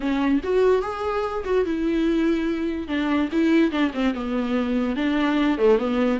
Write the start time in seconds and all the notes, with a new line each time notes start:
0.00 C#4
0.43 F#4
0.82 G#4
1.44 F#4
1.65 E4
2.87 D4
3.31 E4
3.71 D4
3.93 C4
4.14 B3
4.96 D4
5.58 A3
5.78 B3